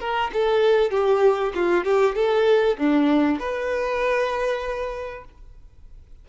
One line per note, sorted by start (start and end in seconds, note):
0.00 0.31 A#4
0.33 0.91 A4
0.91 1.53 G4
1.55 1.84 F4
1.84 2.15 G4
2.15 2.77 A4
2.78 3.39 D4
3.39 5.25 B4